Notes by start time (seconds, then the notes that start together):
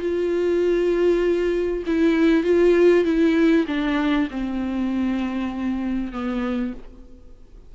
0.00 F4
1.86 E4
2.43 F4
3.04 E4
3.67 D4
4.30 C4
6.12 B3